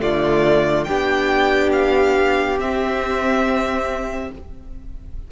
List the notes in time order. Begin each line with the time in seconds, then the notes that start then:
0.00 D3 A3 F4 D5
0.84 B3 D4 G4 G5
1.72 F5
2.59 C4 E5